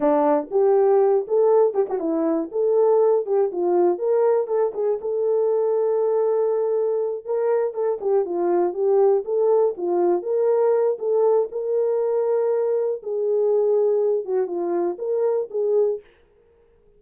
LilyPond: \new Staff \with { instrumentName = "horn" } { \time 4/4 \tempo 4 = 120 d'4 g'4. a'4 g'16 fis'16 | e'4 a'4. g'8 f'4 | ais'4 a'8 gis'8 a'2~ | a'2~ a'8 ais'4 a'8 |
g'8 f'4 g'4 a'4 f'8~ | f'8 ais'4. a'4 ais'4~ | ais'2 gis'2~ | gis'8 fis'8 f'4 ais'4 gis'4 | }